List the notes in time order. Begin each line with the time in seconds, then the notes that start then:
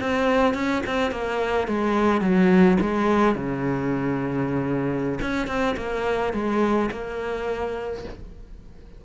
0.00 C4
0.54 C#4
0.86 C4
1.11 A#3
1.67 G#3
2.21 F#3
2.81 G#3
3.36 C#3
5.21 C#4
5.47 C4
5.77 A#3
6.33 G#3
6.91 A#3